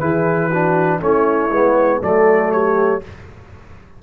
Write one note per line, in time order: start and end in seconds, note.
0.00 1.01 E3
0.00 0.51 E4
0.00 0.49 G#4
0.00 1.00 B4
0.49 1.01 D4
0.49 0.99 F#4
1.01 1.51 A3
1.01 1.51 C#4
1.01 2.00 E4
1.01 2.02 C#5
1.51 2.01 G#3
1.51 2.02 B3
2.00 3.03 F#3
2.00 3.02 A3
2.00 2.50 A4
2.00 2.52 D5
2.52 3.02 G4
2.52 3.02 C#5